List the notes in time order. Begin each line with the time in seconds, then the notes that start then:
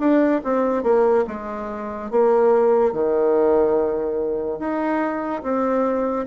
0.00 D4
0.44 C4
0.84 A#3
1.28 G#3
2.11 A#3
2.93 D#3
4.59 D#4
5.43 C4